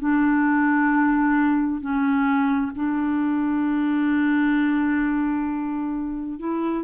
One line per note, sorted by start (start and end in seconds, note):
0.00 1.81 D4
1.81 2.72 C#4
2.76 6.40 D4
6.40 6.84 E4